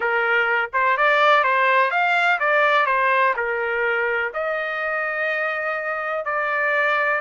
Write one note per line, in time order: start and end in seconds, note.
0.00 0.70 A#4
0.73 0.97 C5
0.97 1.43 D5
1.43 1.90 C5
1.90 2.38 F5
2.39 2.86 D5
2.86 3.34 C5
3.36 4.32 A#4
4.33 6.25 D#5
6.25 7.20 D5